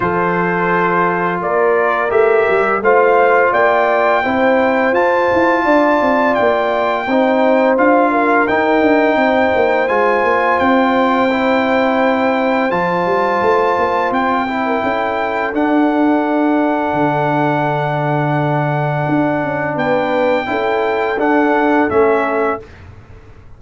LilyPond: <<
  \new Staff \with { instrumentName = "trumpet" } { \time 4/4 \tempo 4 = 85 c''2 d''4 e''4 | f''4 g''2 a''4~ | a''4 g''2 f''4 | g''2 gis''4 g''4~ |
g''2 a''2 | g''2 fis''2~ | fis''1 | g''2 fis''4 e''4 | }
  \new Staff \with { instrumentName = "horn" } { \time 4/4 a'2 ais'2 | c''4 d''4 c''2 | d''2 c''4. ais'8~ | ais'4 c''2.~ |
c''1~ | c''8. ais'16 a'2.~ | a'1 | b'4 a'2. | }
  \new Staff \with { instrumentName = "trombone" } { \time 4/4 f'2. g'4 | f'2 e'4 f'4~ | f'2 dis'4 f'4 | dis'2 f'2 |
e'2 f'2~ | f'8 e'4. d'2~ | d'1~ | d'4 e'4 d'4 cis'4 | }
  \new Staff \with { instrumentName = "tuba" } { \time 4/4 f2 ais4 a8 g8 | a4 ais4 c'4 f'8 e'8 | d'8 c'8 ais4 c'4 d'4 | dis'8 d'8 c'8 ais8 gis8 ais8 c'4~ |
c'2 f8 g8 a8 ais8 | c'4 cis'4 d'2 | d2. d'8 cis'8 | b4 cis'4 d'4 a4 | }
>>